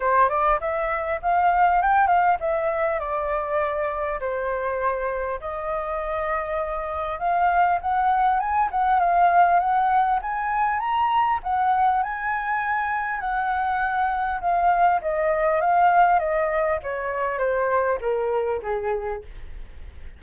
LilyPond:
\new Staff \with { instrumentName = "flute" } { \time 4/4 \tempo 4 = 100 c''8 d''8 e''4 f''4 g''8 f''8 | e''4 d''2 c''4~ | c''4 dis''2. | f''4 fis''4 gis''8 fis''8 f''4 |
fis''4 gis''4 ais''4 fis''4 | gis''2 fis''2 | f''4 dis''4 f''4 dis''4 | cis''4 c''4 ais'4 gis'4 | }